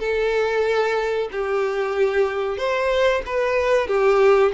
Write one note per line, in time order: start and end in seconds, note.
0.00 1.29 A4
1.32 2.58 G4
2.58 3.22 C5
3.26 3.88 B4
3.88 4.52 G4